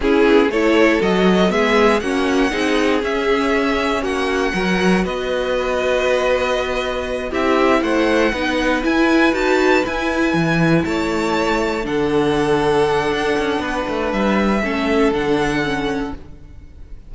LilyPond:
<<
  \new Staff \with { instrumentName = "violin" } { \time 4/4 \tempo 4 = 119 gis'4 cis''4 dis''4 e''4 | fis''2 e''2 | fis''2 dis''2~ | dis''2~ dis''8 e''4 fis''8~ |
fis''4. gis''4 a''4 gis''8~ | gis''4. a''2 fis''8~ | fis''1 | e''2 fis''2 | }
  \new Staff \with { instrumentName = "violin" } { \time 4/4 e'4 a'2 gis'4 | fis'4 gis'2. | fis'4 ais'4 b'2~ | b'2~ b'8 g'4 c''8~ |
c''8 b'2.~ b'8~ | b'4. cis''2 a'8~ | a'2. b'4~ | b'4 a'2. | }
  \new Staff \with { instrumentName = "viola" } { \time 4/4 cis'4 e'4 fis'4 b4 | cis'4 dis'4 cis'2~ | cis'4 fis'2.~ | fis'2~ fis'8 e'4.~ |
e'8 dis'4 e'4 fis'4 e'8~ | e'2.~ e'8 d'8~ | d'1~ | d'4 cis'4 d'4 cis'4 | }
  \new Staff \with { instrumentName = "cello" } { \time 4/4 cis'8 b8 a4 fis4 gis4 | ais4 c'4 cis'2 | ais4 fis4 b2~ | b2~ b8 c'4 a8~ |
a8 b4 e'4 dis'4 e'8~ | e'8 e4 a2 d8~ | d2 d'8 cis'8 b8 a8 | g4 a4 d2 | }
>>